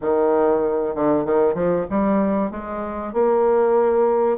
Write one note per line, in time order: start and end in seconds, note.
0.01 0.95 D#3
0.95 1.25 D3
1.25 1.54 D#3
1.54 1.86 F3
1.89 2.50 G3
2.50 3.12 G#3
3.12 4.37 A#3